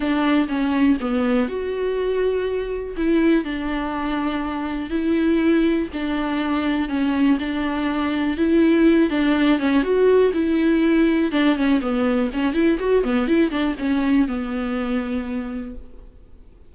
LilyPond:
\new Staff \with { instrumentName = "viola" } { \time 4/4 \tempo 4 = 122 d'4 cis'4 b4 fis'4~ | fis'2 e'4 d'4~ | d'2 e'2 | d'2 cis'4 d'4~ |
d'4 e'4. d'4 cis'8 | fis'4 e'2 d'8 cis'8 | b4 cis'8 e'8 fis'8 b8 e'8 d'8 | cis'4 b2. | }